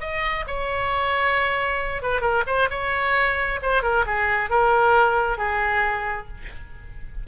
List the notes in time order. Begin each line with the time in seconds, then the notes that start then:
0.00 D#5
0.47 C#5
2.02 B4
2.21 A#4
2.46 C5
2.70 C#5
3.62 C5
3.83 A#4
4.06 G#4
4.50 A#4
5.38 G#4